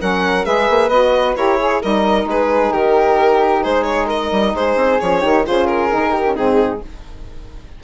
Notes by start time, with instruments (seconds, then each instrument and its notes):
0.00 bassoon F#3, saxophone C#4, flute A#4, violin F#5
0.44 bassoon G#3, saxophone G#4, flute B4, violin E5
0.69 bassoon A#3
0.89 bassoon B3, saxophone F#4, violin D#5
1.36 bassoon E4, saxophone G4, flute A#4, violin C#5
1.57 flute G#4, saxophone G#4
1.81 bassoon G3, saxophone D#4, flute A#4, violin D#5
2.25 bassoon G#3, flute G#4, violin B4
2.72 bassoon D#3, flute G4, violin A#4
3.62 bassoon G#3, flute G#4, violin C5
3.84 violin C#5
4.06 flute A#4, violin D#5
4.31 bassoon G3
4.54 bassoon G#3, flute G#4, violin C5
4.75 bassoon C4
5.00 bassoon F3, saxophone C#4, violin C#5
5.20 bassoon D#3, saxophone D#4, flute G4
5.43 saxophone F4, flute G#4, violin C5
5.49 bassoon C#3
5.66 violin A#4
5.89 bassoon D#3, saxophone D#4
6.12 flute G4
6.24 saxophone C#4
6.34 bassoon G#2, saxophone C4, flute D#4, violin G#4